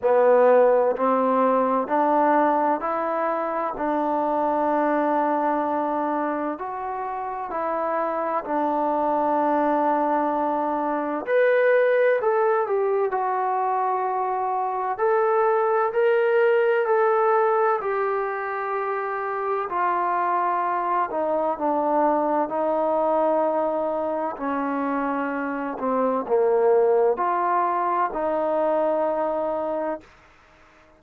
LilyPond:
\new Staff \with { instrumentName = "trombone" } { \time 4/4 \tempo 4 = 64 b4 c'4 d'4 e'4 | d'2. fis'4 | e'4 d'2. | b'4 a'8 g'8 fis'2 |
a'4 ais'4 a'4 g'4~ | g'4 f'4. dis'8 d'4 | dis'2 cis'4. c'8 | ais4 f'4 dis'2 | }